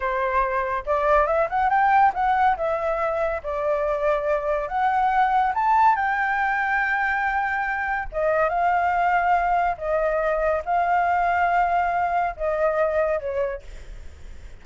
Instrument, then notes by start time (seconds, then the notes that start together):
flute
0.00 C5
0.85 D5
1.26 E5
1.49 F#5
1.69 G5
2.14 F#5
2.56 E5
3.43 D5
4.68 F#5
5.54 A5
5.95 G5
8.12 D#5
8.49 F5
9.77 D#5
10.65 F5
12.36 D#5
13.19 C#5